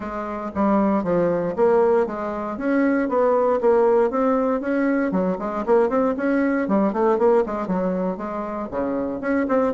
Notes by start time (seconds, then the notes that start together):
0.00 G#3
0.55 G3
1.03 F3
1.55 A#3
2.06 G#3
2.57 C#4
3.08 B3
3.60 A#3
4.10 C4
4.60 C#4
5.11 F#3
5.38 G#3
5.65 A#3
5.89 C4
6.17 C#4
6.68 G3
6.92 A3
7.18 A#3
7.45 G#3
7.67 F#3
8.17 G#3
8.70 C#3
9.20 C#4
9.48 C4